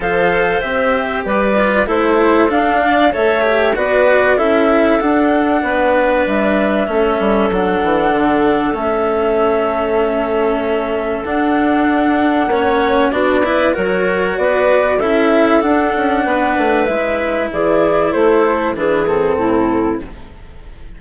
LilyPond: <<
  \new Staff \with { instrumentName = "flute" } { \time 4/4 \tempo 4 = 96 f''4 e''4 d''4 c''4 | f''4 e''4 d''4 e''4 | fis''2 e''2 | fis''2 e''2~ |
e''2 fis''2~ | fis''4 d''4 cis''4 d''4 | e''4 fis''2 e''4 | d''4 c''4 b'8 a'4. | }
  \new Staff \with { instrumentName = "clarinet" } { \time 4/4 c''2 b'4 a'4~ | a'8 d''8 cis''4 b'4 a'4~ | a'4 b'2 a'4~ | a'1~ |
a'1 | cis''4 fis'8 b'8 ais'4 b'4 | a'2 b'2 | gis'4 a'4 gis'4 e'4 | }
  \new Staff \with { instrumentName = "cello" } { \time 4/4 a'4 g'4. f'8 e'4 | d'4 a'8 g'8 fis'4 e'4 | d'2. cis'4 | d'2 cis'2~ |
cis'2 d'2 | cis'4 d'8 e'8 fis'2 | e'4 d'2 e'4~ | e'2 d'8 c'4. | }
  \new Staff \with { instrumentName = "bassoon" } { \time 4/4 f4 c'4 g4 a4 | d'4 a4 b4 cis'4 | d'4 b4 g4 a8 g8 | fis8 e8 d4 a2~ |
a2 d'2 | ais4 b4 fis4 b4 | cis'4 d'8 cis'8 b8 a8 gis4 | e4 a4 e4 a,4 | }
>>